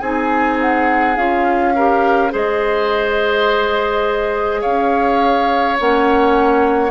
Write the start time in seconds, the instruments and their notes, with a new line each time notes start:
0.00 bassoon C4, clarinet D#4, oboe G#4, flute G#5
0.61 flute F#5
1.17 bassoon C#4, clarinet F4, flute F5
1.76 clarinet G4, oboe A#4
2.31 bassoon G#3, clarinet G#4, oboe C5, flute D#5
4.62 bassoon C#4, oboe C#5, flute F5
5.78 bassoon A#3, clarinet C#4, flute F#5